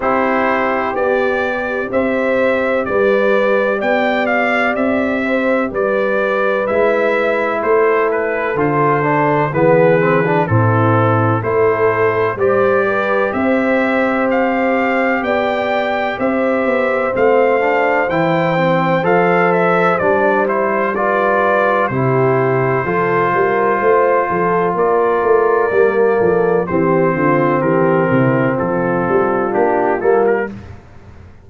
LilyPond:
<<
  \new Staff \with { instrumentName = "trumpet" } { \time 4/4 \tempo 4 = 63 c''4 d''4 e''4 d''4 | g''8 f''8 e''4 d''4 e''4 | c''8 b'8 c''4 b'4 a'4 | c''4 d''4 e''4 f''4 |
g''4 e''4 f''4 g''4 | f''8 e''8 d''8 c''8 d''4 c''4~ | c''2 d''2 | c''4 ais'4 a'4 g'8 a'16 ais'16 | }
  \new Staff \with { instrumentName = "horn" } { \time 4/4 g'2 c''4 b'4 | d''4. c''8 b'2 | a'2 gis'4 e'4 | a'4 c''8 b'8 c''2 |
d''4 c''2.~ | c''2 b'4 g'4 | a'8 ais'8 c''8 a'8 ais'4. a'8 | g'8 f'8 g'8 e'8 f'2 | }
  \new Staff \with { instrumentName = "trombone" } { \time 4/4 e'4 g'2.~ | g'2. e'4~ | e'4 f'8 d'8 b8 c'16 d'16 c'4 | e'4 g'2.~ |
g'2 c'8 d'8 e'8 c'8 | a'4 d'8 e'8 f'4 e'4 | f'2. ais4 | c'2. d'8 ais8 | }
  \new Staff \with { instrumentName = "tuba" } { \time 4/4 c'4 b4 c'4 g4 | b4 c'4 g4 gis4 | a4 d4 e4 a,4 | a4 g4 c'2 |
b4 c'8 b8 a4 e4 | f4 g2 c4 | f8 g8 a8 f8 ais8 a8 g8 f8 | e8 d8 e8 c8 f8 g8 ais8 g8 | }
>>